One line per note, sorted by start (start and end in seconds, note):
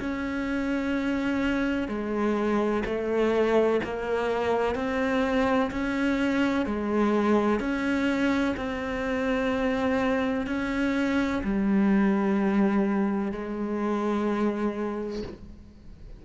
0.00 1.88 C#4
1.88 2.84 G#3
2.86 3.81 A3
3.84 4.76 A#3
4.76 5.71 C4
5.71 6.66 C#4
6.66 7.60 G#3
7.60 8.55 C#4
8.57 10.47 C4
10.47 11.42 C#4
11.44 13.32 G3
13.32 15.23 G#3